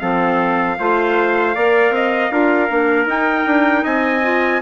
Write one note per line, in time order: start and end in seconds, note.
0.00 0.79 F3
0.00 0.78 C4
0.00 0.79 A4
0.00 3.08 F5
0.79 1.56 A3
0.79 1.55 F4
0.79 1.55 C5
1.55 1.90 A#3
1.55 2.32 A#4
1.55 1.94 D5
1.90 2.29 C4
1.90 2.33 D#5
2.31 2.70 D4
2.31 2.69 F4
2.31 3.84 A#4
2.69 3.06 A#3
2.69 3.07 D4
3.06 3.44 D#4
3.06 4.23 D#4
3.06 3.85 G5
3.46 3.85 D4
3.84 4.62 C4
3.84 4.61 D#5
3.84 4.62 G#5
4.23 4.62 F4